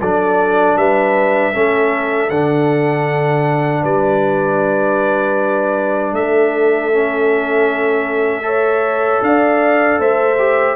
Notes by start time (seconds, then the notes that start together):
0.00 F#3 D4 A4 D5
0.76 G3 B4 E5
1.53 A3 C#4 A4
2.30 D3 D4 F#5
3.83 G3 B4 D5
6.12 A3 E5
6.19 A4
6.93 C#4
8.43 A4 C#5
9.22 D4 D5 F5
9.99 A3 C5 E5
10.38 G4